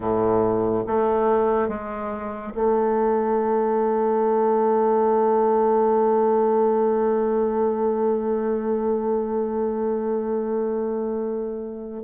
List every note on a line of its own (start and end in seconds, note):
0.00 0.84 A2
0.86 1.68 A3
1.68 2.52 G#3
2.54 12.03 A3